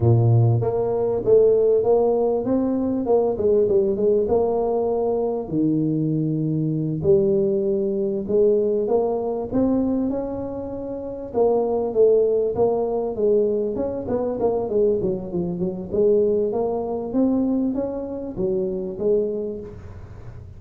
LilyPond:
\new Staff \with { instrumentName = "tuba" } { \time 4/4 \tempo 4 = 98 ais,4 ais4 a4 ais4 | c'4 ais8 gis8 g8 gis8 ais4~ | ais4 dis2~ dis8 g8~ | g4. gis4 ais4 c'8~ |
c'8 cis'2 ais4 a8~ | a8 ais4 gis4 cis'8 b8 ais8 | gis8 fis8 f8 fis8 gis4 ais4 | c'4 cis'4 fis4 gis4 | }